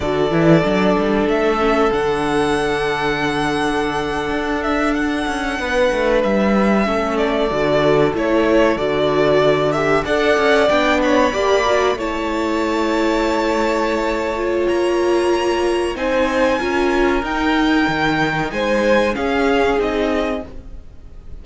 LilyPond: <<
  \new Staff \with { instrumentName = "violin" } { \time 4/4 \tempo 4 = 94 d''2 e''4 fis''4~ | fis''2.~ fis''16 e''8 fis''16~ | fis''4.~ fis''16 e''4. d''8.~ | d''8. cis''4 d''4. e''8 fis''16~ |
fis''8. g''8 b''4. a''4~ a''16~ | a''2. ais''4~ | ais''4 gis''2 g''4~ | g''4 gis''4 f''4 dis''4 | }
  \new Staff \with { instrumentName = "violin" } { \time 4/4 a'1~ | a'1~ | a'8. b'2 a'4~ a'16~ | a'2.~ a'8. d''16~ |
d''4~ d''16 cis''8 d''4 cis''4~ cis''16~ | cis''1~ | cis''4 c''4 ais'2~ | ais'4 c''4 gis'2 | }
  \new Staff \with { instrumentName = "viola" } { \time 4/4 fis'8 e'8 d'4. cis'8 d'4~ | d'1~ | d'2~ d'8. cis'4 fis'16~ | fis'8. e'4 fis'4. g'8 a'16~ |
a'8. d'4 g'8 fis'8 e'4~ e'16~ | e'2~ e'8 f'4.~ | f'4 dis'4 f'4 dis'4~ | dis'2 cis'4 dis'4 | }
  \new Staff \with { instrumentName = "cello" } { \time 4/4 d8 e8 fis8 g8 a4 d4~ | d2~ d8. d'4~ d'16~ | d'16 cis'8 b8 a8 g4 a4 d16~ | d8. a4 d2 d'16~ |
d'16 cis'8 b4 ais4 a4~ a16~ | a2. ais4~ | ais4 c'4 cis'4 dis'4 | dis4 gis4 cis'4 c'4 | }
>>